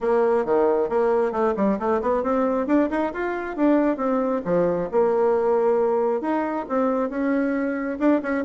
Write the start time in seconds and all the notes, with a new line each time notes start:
0.00 A#3
0.45 D#3
0.89 A#3
1.32 A3
1.56 G3
1.79 A3
2.01 B3
2.23 C4
2.66 D4
2.90 D#4
3.13 F4
3.56 D4
3.96 C4
4.44 F3
4.91 A#3
6.21 D#4
6.68 C4
7.09 C#4
7.99 D4
8.22 C#4